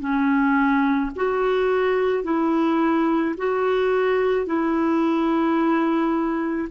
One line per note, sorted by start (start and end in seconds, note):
0.00 1.11 C#4
1.16 2.24 F#4
2.24 3.35 E4
3.37 4.46 F#4
4.46 6.69 E4